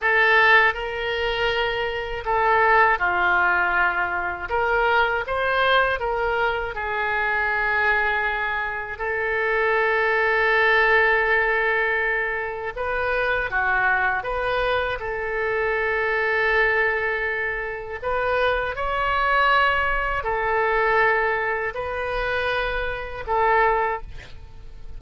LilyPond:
\new Staff \with { instrumentName = "oboe" } { \time 4/4 \tempo 4 = 80 a'4 ais'2 a'4 | f'2 ais'4 c''4 | ais'4 gis'2. | a'1~ |
a'4 b'4 fis'4 b'4 | a'1 | b'4 cis''2 a'4~ | a'4 b'2 a'4 | }